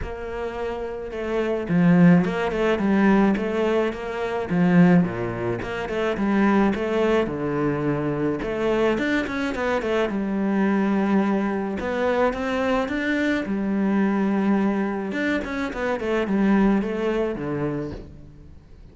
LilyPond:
\new Staff \with { instrumentName = "cello" } { \time 4/4 \tempo 4 = 107 ais2 a4 f4 | ais8 a8 g4 a4 ais4 | f4 ais,4 ais8 a8 g4 | a4 d2 a4 |
d'8 cis'8 b8 a8 g2~ | g4 b4 c'4 d'4 | g2. d'8 cis'8 | b8 a8 g4 a4 d4 | }